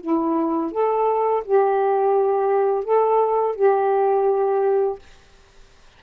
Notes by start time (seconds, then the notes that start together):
0.00 E4
0.71 A4
1.44 G4
2.84 A4
3.55 G4